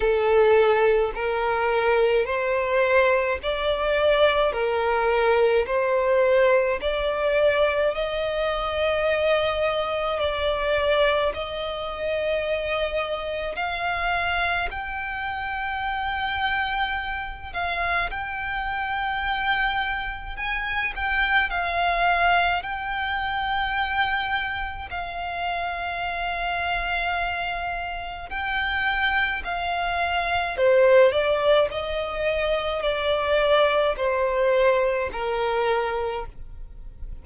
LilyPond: \new Staff \with { instrumentName = "violin" } { \time 4/4 \tempo 4 = 53 a'4 ais'4 c''4 d''4 | ais'4 c''4 d''4 dis''4~ | dis''4 d''4 dis''2 | f''4 g''2~ g''8 f''8 |
g''2 gis''8 g''8 f''4 | g''2 f''2~ | f''4 g''4 f''4 c''8 d''8 | dis''4 d''4 c''4 ais'4 | }